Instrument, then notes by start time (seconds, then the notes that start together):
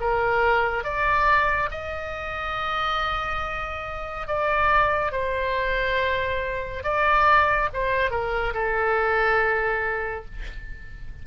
oboe
0.00 A#4
0.84 D5
1.71 D#5
4.27 D5
5.12 C5
6.83 D5
7.73 C5
8.10 A#4
8.54 A4